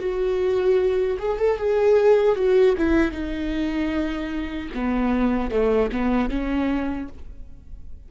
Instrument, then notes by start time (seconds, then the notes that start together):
viola
0.00 F#4
1.19 G#4
1.38 A4
1.58 G#4
2.36 F#4
2.78 E4
3.12 D#4
4.74 B3
5.51 A3
5.92 B3
6.30 C#4